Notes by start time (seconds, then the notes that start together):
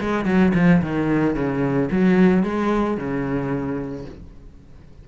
0.00 G#3
0.25 F#3
0.55 F3
0.82 D#3
1.35 C#3
1.91 F#3
2.43 G#3
2.97 C#3